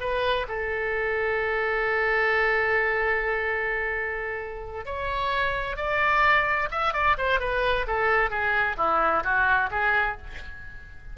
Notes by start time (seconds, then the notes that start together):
0.00 B4
0.48 A4
4.85 C#5
5.76 D5
6.71 E5
6.93 D5
7.17 C5
7.40 B4
7.87 A4
8.30 G#4
8.77 E4
9.23 F#4
9.70 G#4